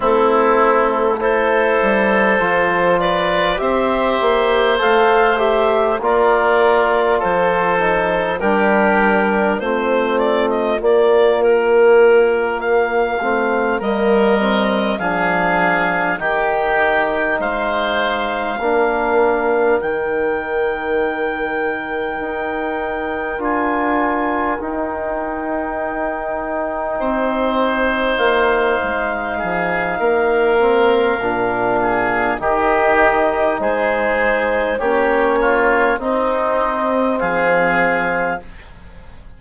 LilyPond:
<<
  \new Staff \with { instrumentName = "clarinet" } { \time 4/4 \tempo 4 = 50 a'4 c''4. d''8 e''4 | f''8 e''8 d''4 c''4 ais'4 | c''8 d''16 dis''16 d''8 ais'4 f''4 dis''8~ | dis''8 f''4 g''4 f''4.~ |
f''8 g''2. gis''8~ | gis''8 g''2. f''8~ | f''2. dis''4 | c''4 cis''4 dis''4 f''4 | }
  \new Staff \with { instrumentName = "oboe" } { \time 4/4 e'4 a'4. b'8 c''4~ | c''4 ais'4 a'4 g'4 | f'2.~ f'8 ais'8~ | ais'8 gis'4 g'4 c''4 ais'8~ |
ais'1~ | ais'2~ ais'8 c''4.~ | c''8 gis'8 ais'4. gis'8 g'4 | gis'4 g'8 f'8 dis'4 gis'4 | }
  \new Staff \with { instrumentName = "trombone" } { \time 4/4 c'4 e'4 f'4 g'4 | a'8 g'8 f'4. dis'8 d'4 | c'4 ais2 c'8 ais8 | c'8 d'4 dis'2 d'8~ |
d'8 dis'2. f'8~ | f'8 dis'2.~ dis'8~ | dis'4. c'8 d'4 dis'4~ | dis'4 cis'4 c'2 | }
  \new Staff \with { instrumentName = "bassoon" } { \time 4/4 a4. g8 f4 c'8 ais8 | a4 ais4 f4 g4 | a4 ais2 a8 g8~ | g8 f4 dis4 gis4 ais8~ |
ais8 dis2 dis'4 d'8~ | d'8 dis'2 c'4 ais8 | gis8 f8 ais4 ais,4 dis4 | gis4 ais4 c'4 f4 | }
>>